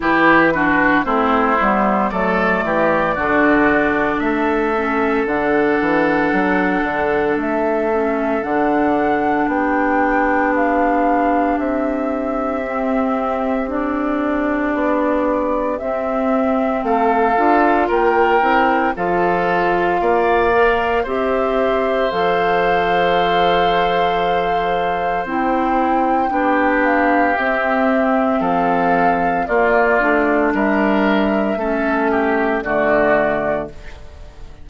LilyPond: <<
  \new Staff \with { instrumentName = "flute" } { \time 4/4 \tempo 4 = 57 b'4 c''4 d''2 | e''4 fis''2 e''4 | fis''4 g''4 f''4 e''4~ | e''4 d''2 e''4 |
f''4 g''4 f''2 | e''4 f''2. | g''4. f''8 e''4 f''4 | d''4 e''2 d''4 | }
  \new Staff \with { instrumentName = "oboe" } { \time 4/4 g'8 fis'8 e'4 a'8 g'8 fis'4 | a'1~ | a'4 g'2.~ | g'1 |
a'4 ais'4 a'4 d''4 | c''1~ | c''4 g'2 a'4 | f'4 ais'4 a'8 g'8 fis'4 | }
  \new Staff \with { instrumentName = "clarinet" } { \time 4/4 e'8 d'8 c'8 b8 a4 d'4~ | d'8 cis'8 d'2~ d'8 cis'8 | d'1 | c'4 d'2 c'4~ |
c'8 f'4 e'8 f'4. ais'8 | g'4 a'2. | e'4 d'4 c'2 | ais8 d'4. cis'4 a4 | }
  \new Staff \with { instrumentName = "bassoon" } { \time 4/4 e4 a8 g8 fis8 e8 d4 | a4 d8 e8 fis8 d8 a4 | d4 b2 c'4~ | c'2 b4 c'4 |
a8 d'8 ais8 c'8 f4 ais4 | c'4 f2. | c'4 b4 c'4 f4 | ais8 a8 g4 a4 d4 | }
>>